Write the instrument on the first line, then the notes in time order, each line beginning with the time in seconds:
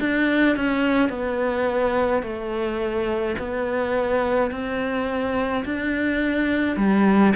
cello
0.00 D4
0.56 C#4
1.10 B3
2.23 A3
3.39 B3
4.51 C4
5.65 D4
6.77 G3